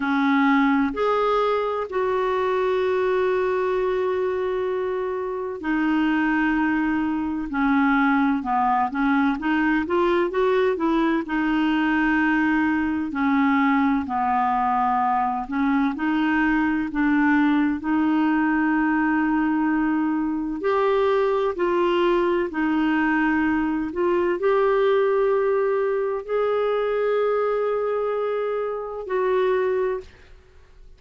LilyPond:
\new Staff \with { instrumentName = "clarinet" } { \time 4/4 \tempo 4 = 64 cis'4 gis'4 fis'2~ | fis'2 dis'2 | cis'4 b8 cis'8 dis'8 f'8 fis'8 e'8 | dis'2 cis'4 b4~ |
b8 cis'8 dis'4 d'4 dis'4~ | dis'2 g'4 f'4 | dis'4. f'8 g'2 | gis'2. fis'4 | }